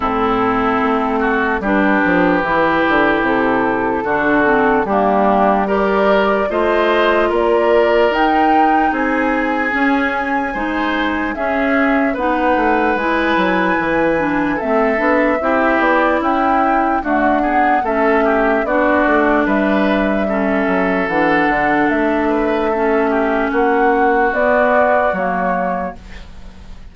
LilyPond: <<
  \new Staff \with { instrumentName = "flute" } { \time 4/4 \tempo 4 = 74 a'2 b'2 | a'2 g'4 d''4 | dis''4 d''4 g''4 gis''4~ | gis''2 e''4 fis''4 |
gis''2 e''4. d''8 | g''4 fis''4 e''4 d''4 | e''2 fis''4 e''4~ | e''4 fis''4 d''4 cis''4 | }
  \new Staff \with { instrumentName = "oboe" } { \time 4/4 e'4. fis'8 g'2~ | g'4 fis'4 d'4 ais'4 | c''4 ais'2 gis'4~ | gis'4 c''4 gis'4 b'4~ |
b'2 a'4 g'4 | e'4 fis'8 gis'8 a'8 g'8 fis'4 | b'4 a'2~ a'8 b'8 | a'8 g'8 fis'2. | }
  \new Staff \with { instrumentName = "clarinet" } { \time 4/4 c'2 d'4 e'4~ | e'4 d'8 c'8 ais4 g'4 | f'2 dis'2 | cis'4 dis'4 cis'4 dis'4 |
e'4. d'8 c'8 d'8 e'4~ | e'4 a8 b8 cis'4 d'4~ | d'4 cis'4 d'2 | cis'2 b4 ais4 | }
  \new Staff \with { instrumentName = "bassoon" } { \time 4/4 a,4 a4 g8 f8 e8 d8 | c4 d4 g2 | a4 ais4 dis'4 c'4 | cis'4 gis4 cis'4 b8 a8 |
gis8 fis8 e4 a8 b8 c'8 b8 | cis'4 d'4 a4 b8 a8 | g4. fis8 e8 d8 a4~ | a4 ais4 b4 fis4 | }
>>